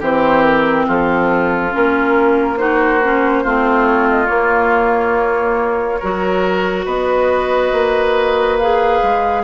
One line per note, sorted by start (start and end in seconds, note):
0.00 0.87 E3
0.00 1.71 C4
0.00 0.86 G4
0.00 0.43 C5
0.43 0.86 A#4
0.87 1.74 F3
0.87 2.59 F4
0.87 1.75 A4
1.71 3.46 A#3
1.71 2.57 C#4
1.71 2.58 A#4
2.58 3.01 D#4
2.58 3.44 F#4
2.58 3.86 C5
3.03 3.45 C#4
3.44 4.30 A3
3.44 4.27 C4
3.44 6.00 F4
3.86 4.08 C#5
4.10 4.26 D#5
4.26 5.98 A#3
4.26 6.01 A#3
4.26 6.83 C#5
6.00 6.86 F#3
6.00 8.60 F#4
6.00 6.86 A#4
6.86 7.72 B3
6.86 9.43 B4
6.86 8.58 D#5
7.72 9.01 A#3
8.58 9.44 G#4
8.58 9.44 F5
9.03 9.44 G#3